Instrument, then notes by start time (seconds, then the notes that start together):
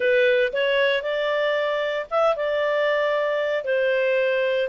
clarinet
0.00 B4
0.52 C#5
1.02 D5
2.10 E5
2.35 D5
3.64 C5